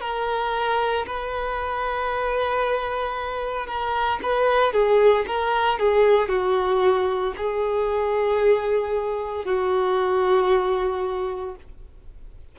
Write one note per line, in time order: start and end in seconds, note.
0.00 1.05 A#4
1.06 3.66 B4
3.66 4.19 A#4
4.22 4.73 B4
4.73 5.25 G#4
5.26 5.78 A#4
5.78 6.28 G#4
6.28 7.33 F#4
7.36 9.44 G#4
9.44 11.55 F#4